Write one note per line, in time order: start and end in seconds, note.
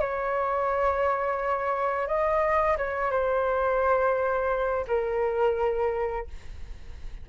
0.00 2.07 C#5
2.07 2.77 D#5
2.77 3.11 C#5
3.11 4.86 C5
4.87 6.27 A#4